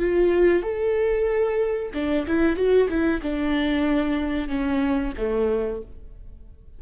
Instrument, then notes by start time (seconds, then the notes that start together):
viola
0.00 F4
0.63 A4
1.94 D4
2.28 E4
2.57 F#4
2.89 E4
3.23 D4
4.49 C#4
5.18 A3